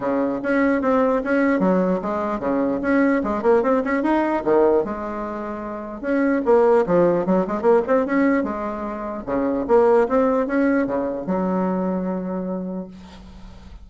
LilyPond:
\new Staff \with { instrumentName = "bassoon" } { \time 4/4 \tempo 4 = 149 cis4 cis'4 c'4 cis'4 | fis4 gis4 cis4 cis'4 | gis8 ais8 c'8 cis'8 dis'4 dis4 | gis2. cis'4 |
ais4 f4 fis8 gis8 ais8 c'8 | cis'4 gis2 cis4 | ais4 c'4 cis'4 cis4 | fis1 | }